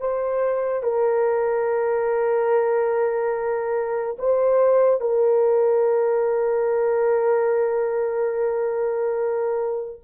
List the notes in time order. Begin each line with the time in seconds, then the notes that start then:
0.00 C5
0.83 A#4
4.19 C5
5.01 A#4